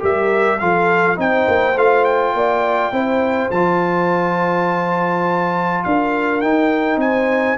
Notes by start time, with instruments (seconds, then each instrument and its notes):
0.00 tuba G3, trombone G4, horn A#4, trumpet E5
0.59 tuba F3, trombone F4, horn A4, trumpet F5
1.16 tuba C4, trombone D#4, horn C5, trumpet G5
1.48 tuba A#3
1.76 tuba A3, trombone F4, trumpet F5
2.05 trumpet G5
2.34 tuba A#3, horn D5
2.92 tuba C4, trombone E4, horn C5
3.51 tuba F3, trombone F4, trumpet A5
5.84 tuba D4, horn A#4, trumpet F5
6.41 tuba D#4, trombone D#4, trumpet G5
6.97 tuba C4, horn C5, trumpet G#5